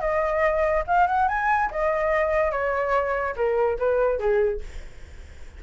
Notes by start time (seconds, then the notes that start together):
0.00 D#5
0.87 F5
1.07 F#5
1.28 G#5
1.71 D#5
2.51 C#5
3.36 A#4
3.78 B4
4.19 G#4